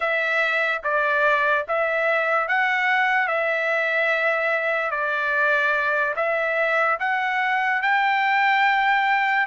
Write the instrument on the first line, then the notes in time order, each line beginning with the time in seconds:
trumpet
0.00 E5
0.83 D5
1.67 E5
2.48 F#5
3.27 E5
4.91 D5
6.16 E5
6.99 F#5
7.82 G5